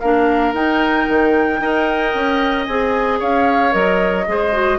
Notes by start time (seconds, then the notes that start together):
0.00 A#3 D4 A#4 F5
0.53 D#4 G5
1.09 D#3
1.60 D#4 A#4 D#5
2.14 C#4
2.65 C4 G#4 G#5
3.19 C#4 C#5 F5
3.71 F#3 A#4 D#5
4.27 G#3 G#4 C5
4.53 F#4